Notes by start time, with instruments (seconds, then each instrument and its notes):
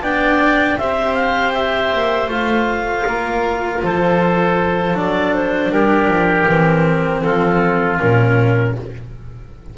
0.00 double bass B3, cello D4, oboe D5, clarinet G5
0.78 double bass C4, cello G4, oboe C5, clarinet E5
1.14 clarinet F5
1.54 clarinet E5
1.93 double bass A#3
2.27 double bass A3, cello F4, clarinet F5
3.06 double bass A#3, oboe A#4
3.83 double bass F3, oboe A4, clarinet C5
4.94 double bass F#3, cello D4, clarinet D5
5.34 clarinet C5
5.71 double bass G3, oboe G4, clarinet A#4
6.08 double bass F3
6.48 double bass E3, cello C4
7.21 double bass F3, oboe F4, clarinet A4
7.99 double bass A#2, cello C#4, clarinet A#4